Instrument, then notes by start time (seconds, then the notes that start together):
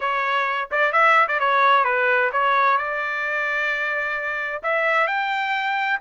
trumpet
0.00 C#5
0.71 D5
0.92 E5
1.28 D5
1.39 C#5
1.84 B4
2.32 C#5
2.77 D5
4.62 E5
5.07 G5